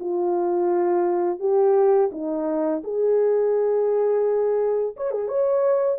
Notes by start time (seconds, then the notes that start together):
0.00 F4
1.40 G4
2.12 D#4
2.84 G#4
4.97 C#5
5.11 G#4
5.28 C#5